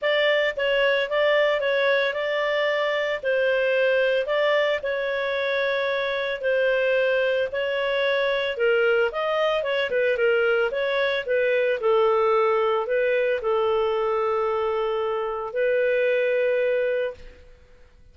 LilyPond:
\new Staff \with { instrumentName = "clarinet" } { \time 4/4 \tempo 4 = 112 d''4 cis''4 d''4 cis''4 | d''2 c''2 | d''4 cis''2. | c''2 cis''2 |
ais'4 dis''4 cis''8 b'8 ais'4 | cis''4 b'4 a'2 | b'4 a'2.~ | a'4 b'2. | }